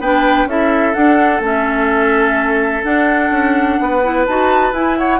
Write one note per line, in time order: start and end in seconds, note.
0.00 0.46 B3
0.00 0.49 D4
0.00 0.48 B4
0.00 0.49 G5
0.46 0.93 C#4
0.46 0.95 E4
0.46 3.80 A4
0.46 0.94 E5
0.94 1.42 D4
0.94 1.40 D4
0.94 1.41 F#5
1.40 2.82 A3
1.40 2.84 C#4
1.40 2.84 E5
2.84 4.02 D4
2.84 3.31 D4
2.84 4.26 F#5
3.31 3.78 C#4
3.81 4.28 B3
3.81 4.99 B4
4.03 4.27 E4
4.27 4.73 D#4
4.27 4.74 F#4
4.27 4.74 A5
4.73 5.20 E4
4.73 4.98 G#5
4.98 5.20 C#5
4.98 5.20 F#5